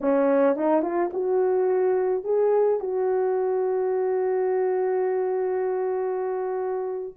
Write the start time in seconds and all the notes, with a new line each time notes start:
0.01 C#4
0.56 D#4
0.82 F4
1.13 F#4
2.24 G#4
2.80 F#4